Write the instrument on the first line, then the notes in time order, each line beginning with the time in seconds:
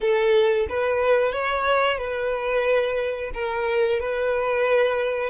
violin
0.00 A4
0.69 B4
1.32 C#5
1.98 B4
3.34 A#4
4.00 B4